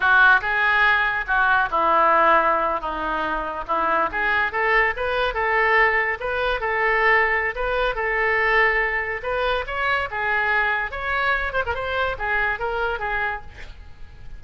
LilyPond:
\new Staff \with { instrumentName = "oboe" } { \time 4/4 \tempo 4 = 143 fis'4 gis'2 fis'4 | e'2~ e'8. dis'4~ dis'16~ | dis'8. e'4 gis'4 a'4 b'16~ | b'8. a'2 b'4 a'16~ |
a'2 b'4 a'4~ | a'2 b'4 cis''4 | gis'2 cis''4. c''16 ais'16 | c''4 gis'4 ais'4 gis'4 | }